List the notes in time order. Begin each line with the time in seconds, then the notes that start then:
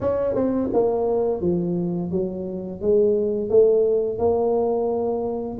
0.01 C#4
0.35 C4
0.73 A#3
1.41 F3
2.11 F#3
2.81 G#3
3.49 A3
4.18 A#3